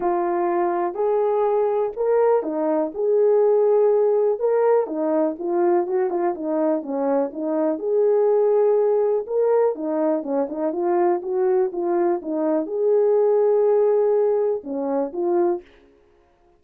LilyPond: \new Staff \with { instrumentName = "horn" } { \time 4/4 \tempo 4 = 123 f'2 gis'2 | ais'4 dis'4 gis'2~ | gis'4 ais'4 dis'4 f'4 | fis'8 f'8 dis'4 cis'4 dis'4 |
gis'2. ais'4 | dis'4 cis'8 dis'8 f'4 fis'4 | f'4 dis'4 gis'2~ | gis'2 cis'4 f'4 | }